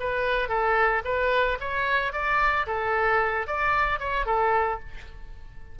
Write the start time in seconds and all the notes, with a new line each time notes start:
0.00 B4
0.49 A4
1.05 B4
1.60 C#5
2.13 D5
2.67 A4
3.47 D5
3.99 C#5
4.26 A4